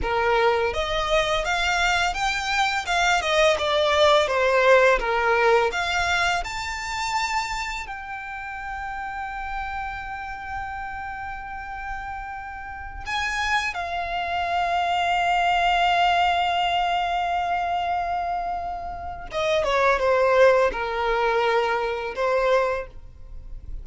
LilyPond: \new Staff \with { instrumentName = "violin" } { \time 4/4 \tempo 4 = 84 ais'4 dis''4 f''4 g''4 | f''8 dis''8 d''4 c''4 ais'4 | f''4 a''2 g''4~ | g''1~ |
g''2~ g''16 gis''4 f''8.~ | f''1~ | f''2. dis''8 cis''8 | c''4 ais'2 c''4 | }